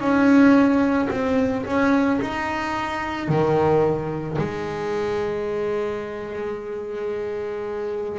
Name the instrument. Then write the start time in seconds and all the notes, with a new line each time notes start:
double bass
0.00 C#4
1.11 C4
1.66 C#4
2.22 D#4
3.29 D#3
4.38 G#3